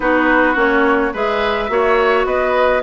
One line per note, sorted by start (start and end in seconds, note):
0.00 0.55 B3
0.00 0.54 D#4
0.00 1.13 F#4
0.00 0.57 B4
0.54 1.12 A#3
0.54 1.11 C#4
0.54 1.14 C#5
1.13 1.69 G#3
1.13 1.69 G#4
1.13 1.70 B4
1.13 2.25 E5
1.69 2.25 A#3
1.69 2.82 F#4
1.69 2.27 C#5
2.25 2.81 B3
2.25 2.83 B4
2.25 2.82 D#5